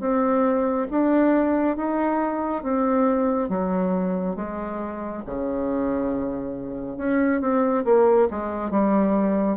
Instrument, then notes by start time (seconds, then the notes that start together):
bassoon
0.00 C4
0.91 D4
1.77 D#4
2.63 C4
3.49 F#3
4.36 G#3
5.26 C#3
6.98 C#4
7.41 C4
7.85 A#3
8.30 G#3
8.71 G3